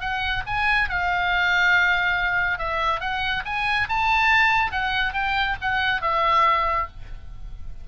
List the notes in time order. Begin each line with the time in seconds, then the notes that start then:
0.00 F#5
0.46 G#5
0.89 F5
2.58 E5
3.00 F#5
3.45 G#5
3.88 A5
4.72 F#5
5.13 G5
5.61 F#5
6.01 E5